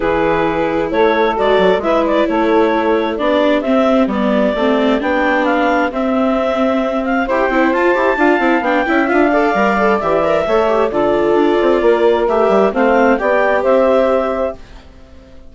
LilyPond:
<<
  \new Staff \with { instrumentName = "clarinet" } { \time 4/4 \tempo 4 = 132 b'2 cis''4 d''4 | e''8 d''8 cis''2 d''4 | e''4 d''2 g''4 | f''4 e''2~ e''8 f''8 |
g''4 a''2 g''4 | f''2 e''2 | d''2. e''4 | f''4 g''4 e''2 | }
  \new Staff \with { instrumentName = "saxophone" } { \time 4/4 gis'2 a'2 | b'4 a'2 g'4~ | g'1~ | g'1 |
c''2 f''4. e''8~ | e''8 d''2~ d''8 cis''4 | a'2 ais'2 | c''4 d''4 c''2 | }
  \new Staff \with { instrumentName = "viola" } { \time 4/4 e'2. fis'4 | e'2. d'4 | c'4 b4 c'4 d'4~ | d'4 c'2. |
g'8 e'8 f'8 g'8 f'8 e'8 d'8 e'8 | f'8 a'8 ais'8 a'8 g'8 ais'8 a'8 g'8 | f'2. g'4 | c'4 g'2. | }
  \new Staff \with { instrumentName = "bassoon" } { \time 4/4 e2 a4 gis8 fis8 | gis4 a2 b4 | c'4 g4 a4 b4~ | b4 c'2. |
e'8 c'8 f'8 e'8 d'8 c'8 b8 cis'8 | d'4 g4 e4 a4 | d4 d'8 c'8 ais4 a8 g8 | a4 b4 c'2 | }
>>